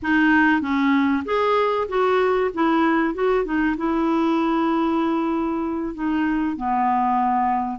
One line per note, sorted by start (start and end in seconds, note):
0.02 0.61 D#4
0.61 1.23 C#4
1.25 1.87 G#4
1.88 2.50 F#4
2.54 3.14 E4
3.14 3.44 F#4
3.44 3.76 D#4
3.77 5.94 E4
5.94 6.56 D#4
6.56 7.79 B3